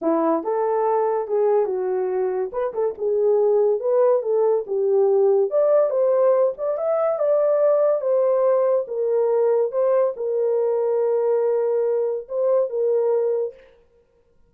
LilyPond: \new Staff \with { instrumentName = "horn" } { \time 4/4 \tempo 4 = 142 e'4 a'2 gis'4 | fis'2 b'8 a'8 gis'4~ | gis'4 b'4 a'4 g'4~ | g'4 d''4 c''4. d''8 |
e''4 d''2 c''4~ | c''4 ais'2 c''4 | ais'1~ | ais'4 c''4 ais'2 | }